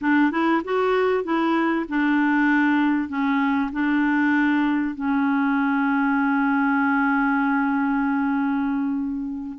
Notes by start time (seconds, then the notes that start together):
0.01 D4
0.31 E4
0.64 F#4
1.23 E4
1.88 D4
3.08 C#4
3.72 D4
4.94 C#4